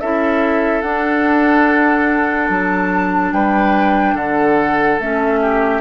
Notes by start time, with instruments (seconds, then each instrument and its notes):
0.00 bassoon C#4, clarinet E4, oboe A4, flute E5
0.81 bassoon D4, clarinet D4, flute F#5
2.49 bassoon F#3, flute A5
3.32 bassoon G3, oboe B4, flute G5
4.14 bassoon D3, oboe A4, flute F#5
4.99 bassoon A3, clarinet C#4, flute E5
5.41 oboe G4